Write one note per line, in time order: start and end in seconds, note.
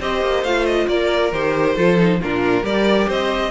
0.00 0.21 C4
0.00 0.45 G4
0.00 0.89 C5
0.00 0.44 D#5
0.21 0.43 A#3
0.43 0.87 A3
0.43 1.34 F4
0.43 0.66 F5
0.66 0.88 D#5
0.88 1.32 A#3
0.88 1.76 A#4
0.88 1.33 D5
1.32 1.76 D#3
1.32 1.77 G4
1.32 2.21 C5
1.76 2.21 F3
1.76 1.98 F4
1.76 2.20 A4
1.98 2.20 D#4
2.21 2.63 A#2
2.21 2.64 D4
2.21 2.64 F4
2.21 2.66 A#4
2.63 3.07 G3
2.63 3.51 G4
2.63 3.08 A#4
2.63 3.10 D5
3.08 3.51 C4
3.08 3.51 C5
3.08 3.51 D#5